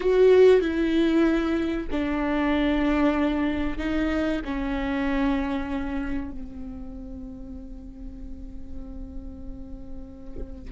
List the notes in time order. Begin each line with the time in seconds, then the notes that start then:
0.00 F#4
0.61 E4
1.91 D4
3.78 D#4
4.44 C#4
6.31 C4